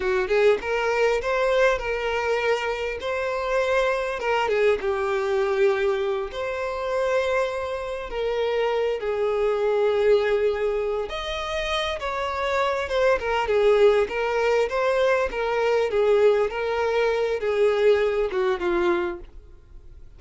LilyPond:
\new Staff \with { instrumentName = "violin" } { \time 4/4 \tempo 4 = 100 fis'8 gis'8 ais'4 c''4 ais'4~ | ais'4 c''2 ais'8 gis'8 | g'2~ g'8 c''4.~ | c''4. ais'4. gis'4~ |
gis'2~ gis'8 dis''4. | cis''4. c''8 ais'8 gis'4 ais'8~ | ais'8 c''4 ais'4 gis'4 ais'8~ | ais'4 gis'4. fis'8 f'4 | }